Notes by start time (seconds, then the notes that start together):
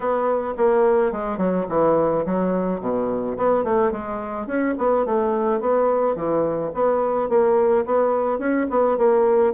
0.00 B3
0.57 A#3
1.12 G#3
1.37 F#3
1.68 E3
2.25 F#3
2.80 B2
3.37 B3
3.64 A3
3.91 G#3
4.46 C#4
4.77 B3
5.05 A3
5.60 B3
6.15 E3
6.74 B3
7.29 A#3
7.85 B3
8.38 C#4
8.69 B3
8.97 A#3